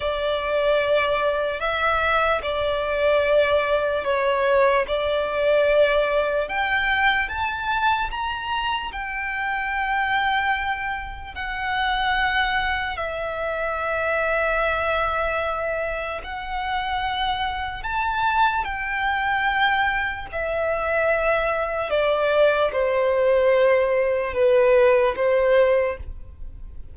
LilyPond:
\new Staff \with { instrumentName = "violin" } { \time 4/4 \tempo 4 = 74 d''2 e''4 d''4~ | d''4 cis''4 d''2 | g''4 a''4 ais''4 g''4~ | g''2 fis''2 |
e''1 | fis''2 a''4 g''4~ | g''4 e''2 d''4 | c''2 b'4 c''4 | }